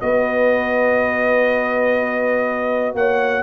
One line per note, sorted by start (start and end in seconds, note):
0.00 2.94 B3
0.00 3.43 F#4
0.00 2.97 B4
0.00 2.95 D#5
2.94 3.43 A#3
2.94 3.43 C#5
2.94 3.43 F#5